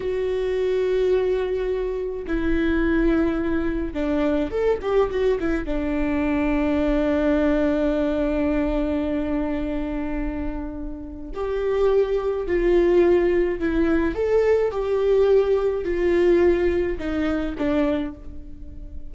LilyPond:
\new Staff \with { instrumentName = "viola" } { \time 4/4 \tempo 4 = 106 fis'1 | e'2. d'4 | a'8 g'8 fis'8 e'8 d'2~ | d'1~ |
d'1 | g'2 f'2 | e'4 a'4 g'2 | f'2 dis'4 d'4 | }